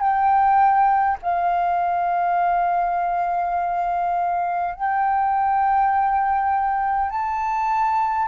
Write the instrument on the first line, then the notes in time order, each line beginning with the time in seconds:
flute
0.00 G5
1.22 F5
4.75 G5
7.10 A5